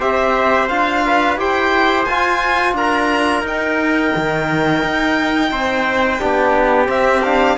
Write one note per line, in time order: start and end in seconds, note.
0.00 0.70 C4
0.00 0.69 G4
0.00 1.04 C5
0.00 0.69 E5
0.69 1.37 D4
0.69 1.38 F4
0.69 1.38 F5
1.06 1.40 B4
1.37 2.06 E4
1.37 2.07 G4
1.37 2.77 C5
1.37 2.05 G5
2.05 2.73 F4
2.05 3.46 F4
2.05 2.74 G#5
2.73 3.42 D4
2.73 5.52 A#4
2.73 3.46 A#5
3.43 4.11 D#4
3.43 6.20 D#4
3.43 6.90 G5
4.16 4.84 D#3
4.84 5.51 D#4
5.51 6.20 C4
5.51 6.21 C5
6.20 6.89 B3
6.20 6.86 D4
6.20 7.58 G4
6.86 7.21 C4
6.86 7.58 C4
6.86 7.24 E5
7.24 7.58 D4
7.24 7.58 F5